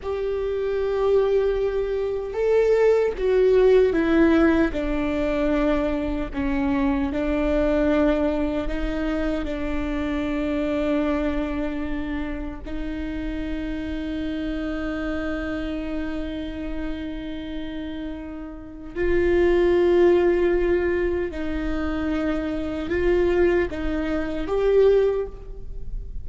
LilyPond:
\new Staff \with { instrumentName = "viola" } { \time 4/4 \tempo 4 = 76 g'2. a'4 | fis'4 e'4 d'2 | cis'4 d'2 dis'4 | d'1 |
dis'1~ | dis'1 | f'2. dis'4~ | dis'4 f'4 dis'4 g'4 | }